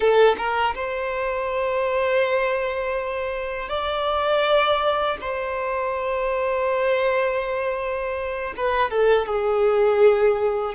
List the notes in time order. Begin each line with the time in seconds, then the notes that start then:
0.00 A4
0.37 A#4
0.74 C5
3.68 D5
5.20 C5
8.57 B4
8.90 A4
9.26 G#4